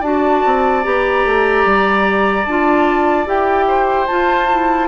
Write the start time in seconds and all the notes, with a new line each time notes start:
0.00 D4 F#4 D5 A5
0.45 C4
0.83 B3 G4 A#5
1.24 A3
1.65 G3
2.45 D4 F4 A5
3.26 E4 G4 G5
3.68 C5
4.07 F4 A5
4.51 E4